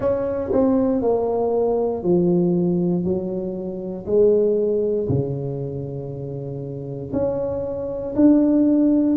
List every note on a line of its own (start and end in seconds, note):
0.00 0.51 C#4
0.52 1.01 C4
1.01 2.03 A#3
2.03 3.04 F3
3.04 4.05 F#3
4.06 5.08 G#3
5.08 7.12 C#3
7.12 8.14 C#4
8.15 9.16 D4